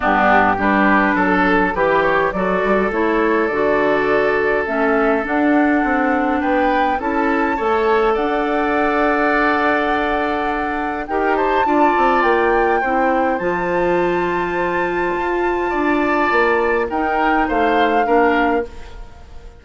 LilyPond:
<<
  \new Staff \with { instrumentName = "flute" } { \time 4/4 \tempo 4 = 103 g'4 b'4 a'4 b'8 cis''8 | d''4 cis''4 d''2 | e''4 fis''2 g''4 | a''2 fis''2~ |
fis''2. g''8 a''8~ | a''4 g''2 a''4~ | a''1~ | a''4 g''4 f''2 | }
  \new Staff \with { instrumentName = "oboe" } { \time 4/4 d'4 g'4 a'4 g'4 | a'1~ | a'2. b'4 | a'4 cis''4 d''2~ |
d''2. ais'8 c''8 | d''2 c''2~ | c''2. d''4~ | d''4 ais'4 c''4 ais'4 | }
  \new Staff \with { instrumentName = "clarinet" } { \time 4/4 b4 d'2 g'4 | fis'4 e'4 fis'2 | cis'4 d'2. | e'4 a'2.~ |
a'2. g'4 | f'2 e'4 f'4~ | f'1~ | f'4 dis'2 d'4 | }
  \new Staff \with { instrumentName = "bassoon" } { \time 4/4 g,4 g4 fis4 e4 | fis8 g8 a4 d2 | a4 d'4 c'4 b4 | cis'4 a4 d'2~ |
d'2. dis'4 | d'8 c'8 ais4 c'4 f4~ | f2 f'4 d'4 | ais4 dis'4 a4 ais4 | }
>>